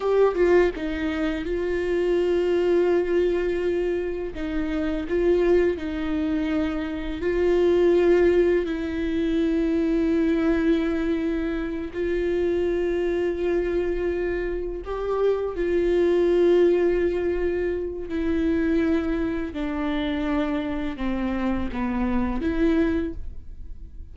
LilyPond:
\new Staff \with { instrumentName = "viola" } { \time 4/4 \tempo 4 = 83 g'8 f'8 dis'4 f'2~ | f'2 dis'4 f'4 | dis'2 f'2 | e'1~ |
e'8 f'2.~ f'8~ | f'8 g'4 f'2~ f'8~ | f'4 e'2 d'4~ | d'4 c'4 b4 e'4 | }